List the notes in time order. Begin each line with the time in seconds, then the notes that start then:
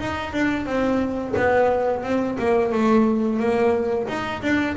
0.00 D#4
0.34 D4
0.66 C4
1.37 B3
2.04 C4
2.39 A#3
2.72 A3
3.40 A#3
4.08 D#4
4.43 D4